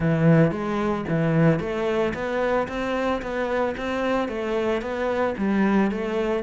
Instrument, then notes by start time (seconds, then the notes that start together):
cello
0.00 E3
0.51 G#3
1.08 E3
1.59 A3
2.14 B3
2.68 C4
3.21 B3
3.77 C4
4.28 A3
4.81 B3
5.37 G3
5.91 A3